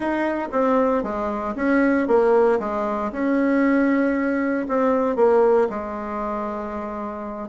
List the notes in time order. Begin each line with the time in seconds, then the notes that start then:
0.00 D#4
0.51 C4
1.03 G#3
1.55 C#4
2.07 A#3
2.59 G#3
3.12 C#4
4.68 C4
5.16 A#3
5.69 G#3